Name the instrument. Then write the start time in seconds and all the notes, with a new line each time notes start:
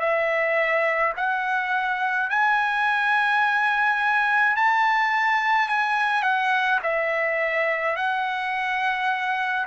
trumpet
0.00 E5
1.17 F#5
2.30 G#5
4.56 A5
5.69 G#5
6.23 F#5
6.83 E5
7.96 F#5